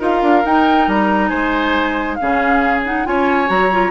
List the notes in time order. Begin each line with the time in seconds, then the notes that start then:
0.00 D#4 F4 A#4 F5
0.22 D4
0.45 D#4 G5
0.87 G3 A#5
1.29 G#3 C5 G#5
2.15 F5
2.21 C#3 C#4 G#4
2.85 D#4 F#5
3.05 C#4 F4 C#5 G#5
3.47 F#3 F#4 A#5
3.72 F4